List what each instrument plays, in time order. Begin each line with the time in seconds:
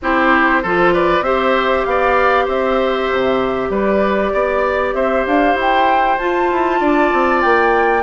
0.01 bassoon C4, clarinet E4, oboe G4, flute C5
0.62 bassoon F3, clarinet F4, oboe A4
0.93 oboe B4, flute D5
1.20 bassoon C4, clarinet G4, oboe C5, flute E5
1.84 bassoon B3, oboe D5, flute F5
2.45 bassoon C4, oboe C5, flute E5
3.11 bassoon C3
3.69 bassoon G3, oboe B4, flute D5
4.33 bassoon B3, oboe D5
4.93 bassoon C4, oboe C5, flute E5
5.26 bassoon D4, flute F5
5.55 bassoon E4, flute G5
6.18 bassoon F4, clarinet F4, flute A5
6.51 bassoon E4
6.80 bassoon D4, oboe D5
7.12 bassoon C4
7.41 bassoon A#3, flute G5